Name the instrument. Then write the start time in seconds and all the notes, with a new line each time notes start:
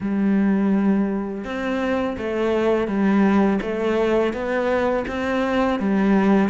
cello
0.00 G3
1.44 C4
2.17 A3
2.87 G3
3.61 A3
4.33 B3
5.07 C4
5.79 G3